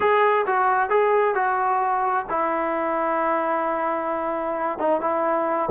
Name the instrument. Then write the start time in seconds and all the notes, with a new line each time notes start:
trombone
0.00 G#4
0.46 F#4
0.89 G#4
1.35 F#4
2.29 E4
4.78 D#4
5.00 E4